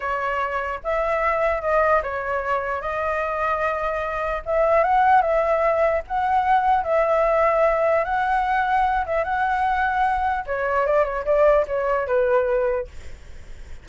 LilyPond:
\new Staff \with { instrumentName = "flute" } { \time 4/4 \tempo 4 = 149 cis''2 e''2 | dis''4 cis''2 dis''4~ | dis''2. e''4 | fis''4 e''2 fis''4~ |
fis''4 e''2. | fis''2~ fis''8 e''8 fis''4~ | fis''2 cis''4 d''8 cis''8 | d''4 cis''4 b'2 | }